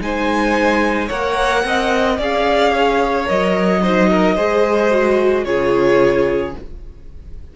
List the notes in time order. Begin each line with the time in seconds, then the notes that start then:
0.00 G#3 D#4 C5 G#5
1.07 A#3 A#4 C#5 F#5
1.65 C4 D#5
2.19 C#4 G#4 D5 F5
2.73 C#5
3.26 F#3 A#4 D#5
3.82 D#4 C5
4.11 A#4
4.35 G#3 G#4 C5
4.91 F#4
5.45 C#3 F4 G#4 C#5